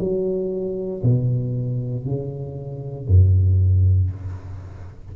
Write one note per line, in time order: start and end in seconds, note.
0.00 1.03 F#3
1.03 2.06 B2
2.06 3.08 C#3
3.08 4.11 F#2